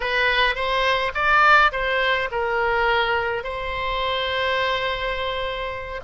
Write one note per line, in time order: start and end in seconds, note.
0.00 0.55 B4
0.55 1.12 C5
1.14 1.71 D5
1.72 2.29 C5
2.31 3.43 A#4
3.43 6.00 C5